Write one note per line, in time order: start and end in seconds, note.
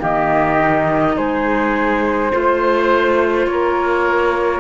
0.00 1.17 D#3
0.00 0.58 A#3
0.00 1.15 G4
0.00 1.18 D#5
0.59 2.32 D#4
1.17 2.32 G#3
1.17 2.33 G#4
1.17 3.47 C5
2.32 3.47 A3
2.32 4.61 F4
2.32 3.48 C5
3.47 4.61 A#3
3.47 4.61 A#4
3.47 4.61 C#5